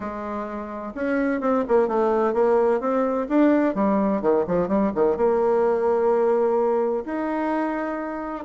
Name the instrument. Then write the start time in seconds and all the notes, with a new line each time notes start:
bassoon
0.00 G#3
0.95 C#4
1.40 C4
1.68 A#3
1.88 A3
2.33 A#3
2.80 C4
3.28 D4
3.74 G3
4.21 D#3
4.47 F3
4.68 G3
4.95 D#3
5.16 A#3
7.05 D#4